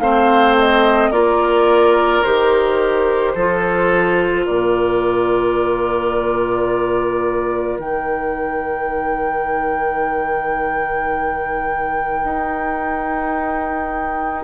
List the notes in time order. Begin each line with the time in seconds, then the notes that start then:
0.00 A3 C4 C5 F5
0.59 D#5
1.10 A#3 F4 A#4 D5
2.23 D#3 G4 C5
3.35 F3 F4 A4
4.46 A#2 A#4 D5
7.78 D#3 D#4 G5
12.24 D#4